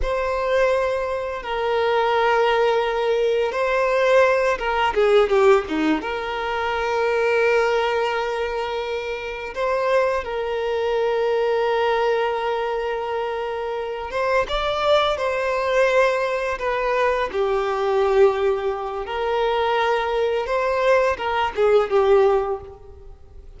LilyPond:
\new Staff \with { instrumentName = "violin" } { \time 4/4 \tempo 4 = 85 c''2 ais'2~ | ais'4 c''4. ais'8 gis'8 g'8 | dis'8 ais'2.~ ais'8~ | ais'4. c''4 ais'4.~ |
ais'1 | c''8 d''4 c''2 b'8~ | b'8 g'2~ g'8 ais'4~ | ais'4 c''4 ais'8 gis'8 g'4 | }